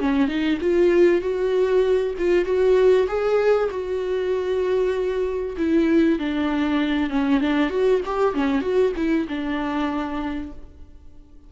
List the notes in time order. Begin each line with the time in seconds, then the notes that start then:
0.00 C#4
0.28 D#4
0.61 F4
1.22 F#4
2.18 F4
2.45 F#4
3.08 G#4
3.71 F#4
5.58 E4
6.19 D4
7.10 C#4
7.41 D4
7.70 F#4
8.06 G4
8.34 C#4
8.61 F#4
8.96 E4
9.29 D4